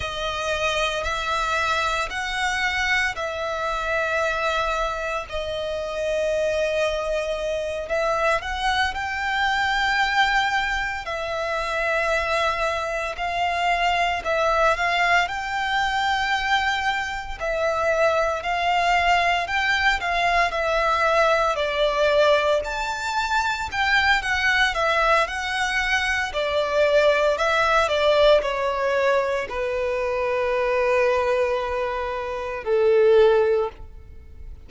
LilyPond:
\new Staff \with { instrumentName = "violin" } { \time 4/4 \tempo 4 = 57 dis''4 e''4 fis''4 e''4~ | e''4 dis''2~ dis''8 e''8 | fis''8 g''2 e''4.~ | e''8 f''4 e''8 f''8 g''4.~ |
g''8 e''4 f''4 g''8 f''8 e''8~ | e''8 d''4 a''4 g''8 fis''8 e''8 | fis''4 d''4 e''8 d''8 cis''4 | b'2. a'4 | }